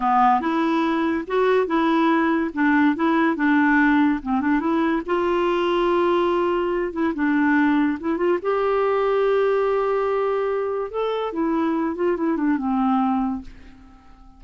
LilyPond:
\new Staff \with { instrumentName = "clarinet" } { \time 4/4 \tempo 4 = 143 b4 e'2 fis'4 | e'2 d'4 e'4 | d'2 c'8 d'8 e'4 | f'1~ |
f'8 e'8 d'2 e'8 f'8 | g'1~ | g'2 a'4 e'4~ | e'8 f'8 e'8 d'8 c'2 | }